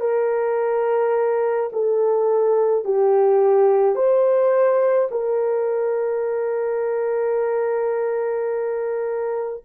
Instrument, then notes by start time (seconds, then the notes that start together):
horn
0.00 A#4
1.72 A4
2.85 G4
3.95 C5
5.10 A#4